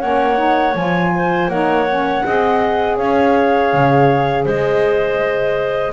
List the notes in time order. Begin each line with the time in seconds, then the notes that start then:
0.00 A#3 C#4 C#5 F#5
0.37 D#4
0.75 F3 F4 G#5
1.16 C5
1.49 A#3 D#4 C#5 F#5
1.89 C#4
2.24 C4 G#4 D#5
2.97 C#4 C#5 F5
3.74 C#3
4.44 G#3 C5 D#5